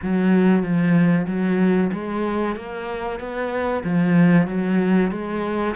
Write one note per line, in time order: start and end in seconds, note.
0.02 0.62 F#3
0.62 1.26 F3
1.27 1.91 F#3
1.92 2.56 G#3
2.56 3.19 A#3
3.19 3.83 B3
3.84 4.47 F3
4.47 5.11 F#3
5.11 5.74 G#3